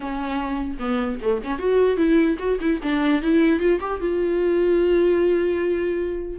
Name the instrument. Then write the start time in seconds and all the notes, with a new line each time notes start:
viola
0.00 C#4
0.79 B3
1.22 A3
1.43 C#4
1.58 F#4
1.96 E4
2.38 F#4
2.60 E4
2.82 D4
3.21 E4
3.59 F4
3.80 G4
4.00 F4